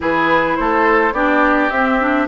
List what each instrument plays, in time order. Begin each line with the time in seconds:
0.00 bassoon E3, clarinet E4, oboe G#4, flute B4
0.55 bassoon A3, oboe A4, flute C5
1.12 bassoon B3, clarinet D4, oboe G4, flute D5
1.70 bassoon C4, clarinet C4, flute E5
2.00 clarinet D4